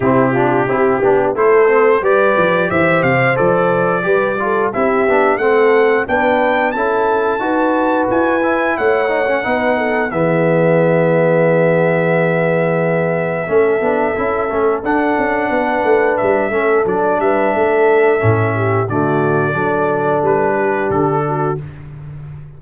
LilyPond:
<<
  \new Staff \with { instrumentName = "trumpet" } { \time 4/4 \tempo 4 = 89 g'2 c''4 d''4 | e''8 f''8 d''2 e''4 | fis''4 g''4 a''2 | gis''4 fis''2 e''4~ |
e''1~ | e''2 fis''2 | e''4 d''8 e''2~ e''8 | d''2 b'4 a'4 | }
  \new Staff \with { instrumentName = "horn" } { \time 4/4 e'8 f'8 g'4 a'4 b'4 | c''2 b'8 a'8 g'4 | a'4 b'4 a'4 b'4~ | b'4 cis''4 b'8 a'8 gis'4~ |
gis'1 | a'2. b'4~ | b'8 a'4 b'8 a'4. g'8 | fis'4 a'4. g'4 fis'8 | }
  \new Staff \with { instrumentName = "trombone" } { \time 4/4 c'8 d'8 e'8 d'8 e'8 c'8 g'4~ | g'4 a'4 g'8 f'8 e'8 d'8 | c'4 d'4 e'4 fis'4~ | fis'8 e'4 dis'16 cis'16 dis'4 b4~ |
b1 | cis'8 d'8 e'8 cis'8 d'2~ | d'8 cis'8 d'2 cis'4 | a4 d'2. | }
  \new Staff \with { instrumentName = "tuba" } { \time 4/4 c4 c'8 b8 a4 g8 f8 | e8 c8 f4 g4 c'8 b8 | a4 b4 cis'4 dis'4 | e'4 a4 b4 e4~ |
e1 | a8 b8 cis'8 a8 d'8 cis'8 b8 a8 | g8 a8 fis8 g8 a4 a,4 | d4 fis4 g4 d4 | }
>>